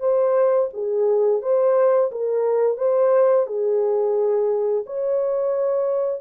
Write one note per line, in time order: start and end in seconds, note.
0.00 0.69 C5
0.73 1.42 G#4
1.42 2.11 C5
2.11 2.78 A#4
2.78 3.47 C5
3.47 4.85 G#4
4.86 6.21 C#5